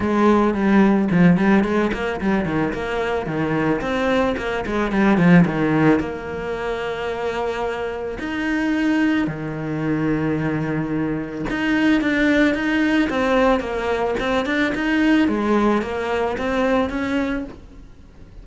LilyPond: \new Staff \with { instrumentName = "cello" } { \time 4/4 \tempo 4 = 110 gis4 g4 f8 g8 gis8 ais8 | g8 dis8 ais4 dis4 c'4 | ais8 gis8 g8 f8 dis4 ais4~ | ais2. dis'4~ |
dis'4 dis2.~ | dis4 dis'4 d'4 dis'4 | c'4 ais4 c'8 d'8 dis'4 | gis4 ais4 c'4 cis'4 | }